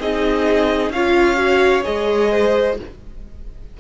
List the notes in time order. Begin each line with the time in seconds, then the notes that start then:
0.00 C4 D#4 G#4 D#5
0.90 C#4 F4 C#5 F5
1.37 F#4
1.83 G#3 G#4 D#5
2.32 C5